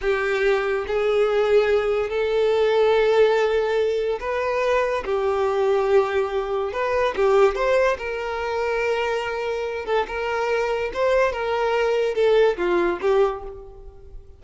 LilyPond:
\new Staff \with { instrumentName = "violin" } { \time 4/4 \tempo 4 = 143 g'2 gis'2~ | gis'4 a'2.~ | a'2 b'2 | g'1 |
b'4 g'4 c''4 ais'4~ | ais'2.~ ais'8 a'8 | ais'2 c''4 ais'4~ | ais'4 a'4 f'4 g'4 | }